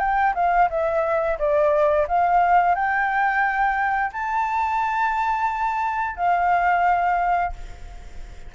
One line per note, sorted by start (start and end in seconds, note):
0.00 0.34 G5
0.35 0.69 F5
0.70 1.38 E5
1.39 2.07 D5
2.08 2.76 F5
2.76 4.12 G5
4.13 6.17 A5
6.17 7.53 F5